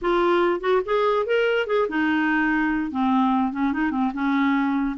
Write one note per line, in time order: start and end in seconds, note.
0.01 0.60 F4
0.60 0.81 F#4
0.85 1.25 G#4
1.25 1.67 A#4
1.67 1.87 G#4
1.88 2.91 D#4
2.91 3.52 C4
3.52 3.72 C#4
3.72 3.91 D#4
3.91 4.12 C4
4.13 4.96 C#4